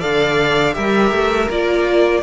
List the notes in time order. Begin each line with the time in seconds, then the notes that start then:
0.00 D3 A4 D5 F5
0.74 G3 G4 A#4 E5
1.12 A3
1.50 A#3 F4 D5